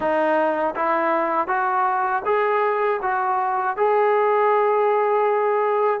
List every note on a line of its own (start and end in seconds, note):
0.00 0.74 D#4
0.75 1.47 E4
1.47 2.22 F#4
2.25 3.00 G#4
3.02 3.76 F#4
3.76 6.00 G#4